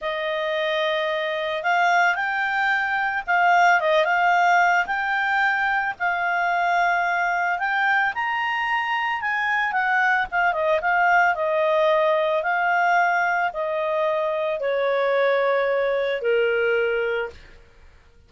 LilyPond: \new Staff \with { instrumentName = "clarinet" } { \time 4/4 \tempo 4 = 111 dis''2. f''4 | g''2 f''4 dis''8 f''8~ | f''4 g''2 f''4~ | f''2 g''4 ais''4~ |
ais''4 gis''4 fis''4 f''8 dis''8 | f''4 dis''2 f''4~ | f''4 dis''2 cis''4~ | cis''2 ais'2 | }